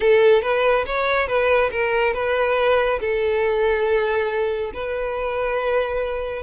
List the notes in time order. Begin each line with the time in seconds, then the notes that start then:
0.00 A4
0.42 B4
0.86 C#5
1.27 B4
1.71 A#4
2.13 B4
3.00 A4
4.73 B4